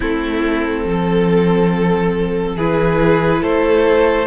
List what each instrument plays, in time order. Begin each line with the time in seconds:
0.00 cello A3, viola C4, violin E4 A4
0.84 cello F3, violin A4
2.56 cello E3, viola E4, violin G#4 B4
3.42 cello A3, violin A4 C5